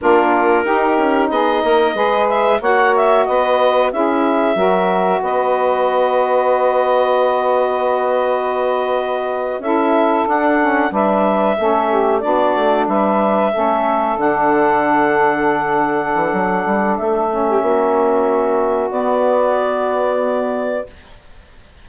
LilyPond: <<
  \new Staff \with { instrumentName = "clarinet" } { \time 4/4 \tempo 4 = 92 ais'2 dis''4. e''8 | fis''8 e''8 dis''4 e''2 | dis''1~ | dis''2~ dis''8. e''4 fis''16~ |
fis''8. e''2 d''4 e''16~ | e''4.~ e''16 fis''2~ fis''16~ | fis''2 e''2~ | e''4 d''2. | }
  \new Staff \with { instrumentName = "saxophone" } { \time 4/4 f'4 g'4 gis'8 ais'8 b'4 | cis''4 b'4 gis'4 ais'4 | b'1~ | b'2~ b'8. a'4~ a'16~ |
a'8. b'4 a'8 g'8 fis'4 b'16~ | b'8. a'2.~ a'16~ | a'2~ a'8. g'16 fis'4~ | fis'1 | }
  \new Staff \with { instrumentName = "saxophone" } { \time 4/4 d'4 dis'2 gis'4 | fis'2 e'4 fis'4~ | fis'1~ | fis'2~ fis'8. e'4 d'16~ |
d'16 cis'8 d'4 cis'4 d'4~ d'16~ | d'8. cis'4 d'2~ d'16~ | d'2~ d'8 cis'4.~ | cis'4 b2. | }
  \new Staff \with { instrumentName = "bassoon" } { \time 4/4 ais4 dis'8 cis'8 b8 ais8 gis4 | ais4 b4 cis'4 fis4 | b1~ | b2~ b8. cis'4 d'16~ |
d'8. g4 a4 b8 a8 g16~ | g8. a4 d2~ d16~ | d8. e16 fis8 g8 a4 ais4~ | ais4 b2. | }
>>